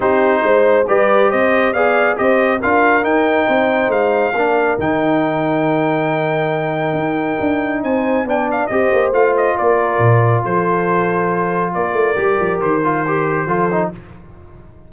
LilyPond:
<<
  \new Staff \with { instrumentName = "trumpet" } { \time 4/4 \tempo 4 = 138 c''2 d''4 dis''4 | f''4 dis''4 f''4 g''4~ | g''4 f''2 g''4~ | g''1~ |
g''2 gis''4 g''8 f''8 | dis''4 f''8 dis''8 d''2 | c''2. d''4~ | d''4 c''2. | }
  \new Staff \with { instrumentName = "horn" } { \time 4/4 g'4 c''4 b'4 c''4 | d''4 c''4 ais'2 | c''2 ais'2~ | ais'1~ |
ais'2 c''4 d''4 | c''2 ais'2 | a'2. ais'4~ | ais'2. a'4 | }
  \new Staff \with { instrumentName = "trombone" } { \time 4/4 dis'2 g'2 | gis'4 g'4 f'4 dis'4~ | dis'2 d'4 dis'4~ | dis'1~ |
dis'2. d'4 | g'4 f'2.~ | f'1 | g'4. f'8 g'4 f'8 dis'8 | }
  \new Staff \with { instrumentName = "tuba" } { \time 4/4 c'4 gis4 g4 c'4 | b4 c'4 d'4 dis'4 | c'4 gis4 ais4 dis4~ | dis1 |
dis'4 d'4 c'4 b4 | c'8 ais8 a4 ais4 ais,4 | f2. ais8 a8 | g8 f8 dis2 f4 | }
>>